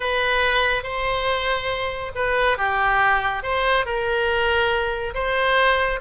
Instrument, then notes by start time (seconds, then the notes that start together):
oboe
0.00 B4
0.83 C5
2.15 B4
2.57 G4
3.42 C5
3.85 A#4
5.14 C5